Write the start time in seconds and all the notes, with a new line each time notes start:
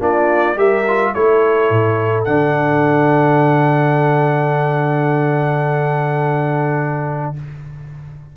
0.00 A#3 D4 F4 D5
0.56 G3 G4 A#4 E5
0.88 F4
1.14 A3 E4 A4 C#5
1.71 A2
2.24 D3 D4 F#5